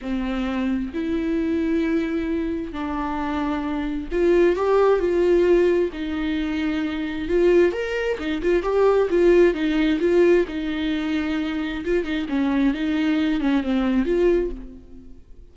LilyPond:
\new Staff \with { instrumentName = "viola" } { \time 4/4 \tempo 4 = 132 c'2 e'2~ | e'2 d'2~ | d'4 f'4 g'4 f'4~ | f'4 dis'2. |
f'4 ais'4 dis'8 f'8 g'4 | f'4 dis'4 f'4 dis'4~ | dis'2 f'8 dis'8 cis'4 | dis'4. cis'8 c'4 f'4 | }